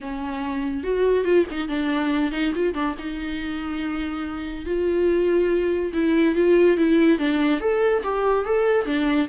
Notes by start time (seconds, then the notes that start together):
0.01 C#4
0.83 F#4
1.24 F4
1.50 D#4
1.68 D4
2.31 D#4
2.55 F4
2.73 D4
2.98 D#4
4.65 F4
5.93 E4
6.35 F4
6.77 E4
7.18 D4
7.60 A4
8.03 G4
8.45 A4
8.85 D4